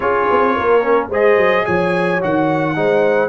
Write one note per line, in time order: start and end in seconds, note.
0.00 0.26 C#4
0.00 0.81 F4
0.00 0.56 G#4
0.00 1.08 C#5
0.30 0.58 C4
0.57 1.09 A#3
0.57 1.09 A#4
0.81 1.09 C#4
1.09 1.37 G#3
1.09 2.20 G#4
1.09 1.64 C5
1.09 1.65 D#5
1.37 1.64 F#3
1.65 2.23 F3
1.65 2.75 C#5
1.65 2.20 G#5
2.20 2.76 D#3
2.20 2.75 F#4
2.20 3.29 F#5
2.75 3.29 G#3
2.75 3.29 D#4
2.75 3.29 C5